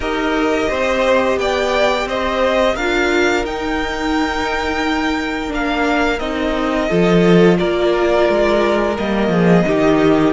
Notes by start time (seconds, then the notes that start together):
0.00 D#4 G4 A#4 D#5
0.69 C4 C5
1.36 B3 D5 G5
2.05 C4 C5 D#5
2.75 D4 F4 A#4 F5
3.44 D#4 G5
5.48 A#3 D4
5.54 F5
6.19 C4 D#4 D#5
6.88 F3 F4 A4
7.58 A#3 A#4 D5
8.29 G#3
8.97 G3 A#3 D#5
9.28 F3 G#4
9.66 D#3 D#4 G4